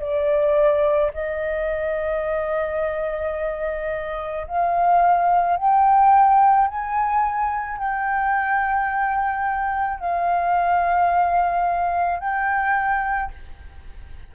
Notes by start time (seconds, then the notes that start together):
0.00 D5
1.14 D#5
4.47 F5
5.57 G5
6.68 G#5
7.78 G5
9.99 F5
12.20 G5